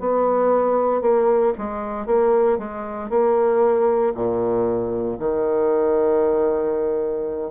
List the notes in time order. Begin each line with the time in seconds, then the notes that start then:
0.00 B3
1.02 A#3
1.58 G#3
2.06 A#3
2.59 G#3
3.10 A#3
4.15 A#2
5.19 D#3